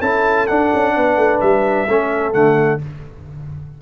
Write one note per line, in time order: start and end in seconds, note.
0.00 0.49 C#4
0.00 0.49 E4
0.00 0.93 A4
0.00 0.47 A5
0.47 1.88 D4
0.47 0.73 D4
0.47 1.40 F#5
0.75 0.97 C#4
0.96 1.17 B3
0.96 1.89 B4
1.17 1.40 A3
1.41 1.88 G3
1.41 2.34 E5
1.88 2.34 A3
1.88 2.33 C#4
1.88 2.82 A4
2.33 2.81 D3
2.33 2.79 A3
2.33 2.80 F#5